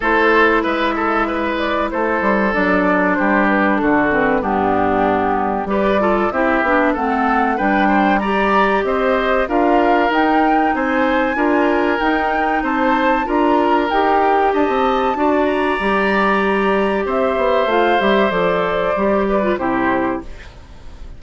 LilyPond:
<<
  \new Staff \with { instrumentName = "flute" } { \time 4/4 \tempo 4 = 95 c''4 e''4. d''8 c''4 | d''4 c''8 b'8 a'8 b'8 g'4~ | g'4 d''4 e''4 fis''4 | g''4 ais''4 dis''4 f''4 |
g''4 gis''2 g''4 | a''4 ais''4 g''4 a''4~ | a''8 ais''2~ ais''8 e''4 | f''8 e''8 d''2 c''4 | }
  \new Staff \with { instrumentName = "oboe" } { \time 4/4 a'4 b'8 a'8 b'4 a'4~ | a'4 g'4 fis'4 d'4~ | d'4 b'8 a'8 g'4 a'4 | b'8 c''8 d''4 c''4 ais'4~ |
ais'4 c''4 ais'2 | c''4 ais'2 dis''4 | d''2. c''4~ | c''2~ c''8 b'8 g'4 | }
  \new Staff \with { instrumentName = "clarinet" } { \time 4/4 e'1 | d'2~ d'8 c'8 b4~ | b4 g'8 f'8 e'8 d'8 c'4 | d'4 g'2 f'4 |
dis'2 f'4 dis'4~ | dis'4 f'4 g'2 | fis'4 g'2. | f'8 g'8 a'4 g'8. f'16 e'4 | }
  \new Staff \with { instrumentName = "bassoon" } { \time 4/4 a4 gis2 a8 g8 | fis4 g4 d4 g,4~ | g,4 g4 c'8 b8 a4 | g2 c'4 d'4 |
dis'4 c'4 d'4 dis'4 | c'4 d'4 dis'4 d'16 c'8. | d'4 g2 c'8 b8 | a8 g8 f4 g4 c4 | }
>>